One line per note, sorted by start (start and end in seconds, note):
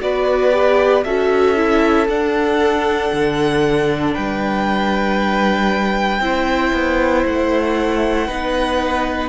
0.00 1.05 B3
0.00 0.52 F#4
0.00 1.05 B4
0.00 1.04 D5
0.52 1.03 G4
1.04 2.08 C#4
1.04 1.56 F#4
1.04 4.14 A4
1.04 2.08 E5
1.56 2.08 E4
2.08 3.12 D4
2.08 6.22 D4
2.08 4.14 F#5
3.13 4.16 D3
4.14 6.20 G3
4.14 6.21 B4
4.14 7.25 G5
6.20 6.72 C4
6.20 8.28 E4
6.20 8.27 C5
6.73 7.25 B3
7.26 8.29 A3
7.26 9.29 F#5
8.27 9.29 B3
8.27 9.29 D#4
8.27 9.29 B4